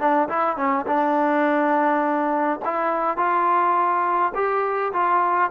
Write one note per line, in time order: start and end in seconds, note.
0.00 0.29 D4
0.29 0.57 E4
0.57 0.86 C#4
0.87 2.60 D4
2.65 3.17 E4
3.17 4.33 F4
4.35 4.93 G4
4.93 5.51 F4